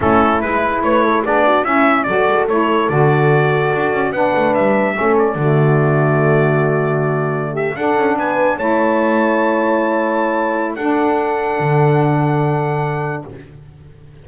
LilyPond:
<<
  \new Staff \with { instrumentName = "trumpet" } { \time 4/4 \tempo 4 = 145 a'4 b'4 cis''4 d''4 | e''4 d''4 cis''4 d''4~ | d''2 fis''4 e''4~ | e''8 d''2.~ d''8~ |
d''2~ d''16 e''8 fis''4 gis''16~ | gis''8. a''2.~ a''16~ | a''2 fis''2~ | fis''1 | }
  \new Staff \with { instrumentName = "horn" } { \time 4/4 e'2 b'8 a'8 gis'8 fis'8 | e'4 a'2.~ | a'2 b'2 | a'4 fis'2.~ |
fis'2~ fis'16 g'8 a'4 b'16~ | b'8. cis''2.~ cis''16~ | cis''2 a'2~ | a'1 | }
  \new Staff \with { instrumentName = "saxophone" } { \time 4/4 cis'4 e'2 d'4 | cis'4 fis'4 e'4 fis'4~ | fis'2 d'2 | cis'4 a2.~ |
a2~ a8. d'4~ d'16~ | d'8. e'2.~ e'16~ | e'2 d'2~ | d'1 | }
  \new Staff \with { instrumentName = "double bass" } { \time 4/4 a4 gis4 a4 b4 | cis'4 fis8 gis8 a4 d4~ | d4 d'8 cis'8 b8 a8 g4 | a4 d2.~ |
d2~ d8. d'8 cis'8 b16~ | b8. a2.~ a16~ | a2 d'2 | d1 | }
>>